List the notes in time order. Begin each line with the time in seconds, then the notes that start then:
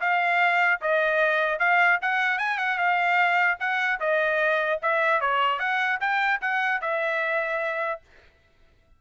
0.00 F5
0.81 D#5
1.59 F5
2.01 F#5
2.38 G#5
2.58 F#5
2.77 F5
3.59 F#5
3.99 D#5
4.82 E5
5.21 C#5
5.59 F#5
6.00 G5
6.41 F#5
6.81 E5